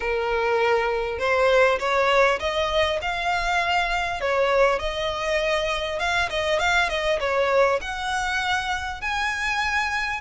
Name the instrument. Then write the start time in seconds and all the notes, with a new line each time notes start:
violin
0.00 A#4
1.18 C5
1.79 C#5
2.39 D#5
3.01 F5
4.20 C#5
4.79 D#5
5.99 F5
6.29 D#5
6.59 F5
6.89 D#5
7.19 C#5
7.81 F#5
9.01 G#5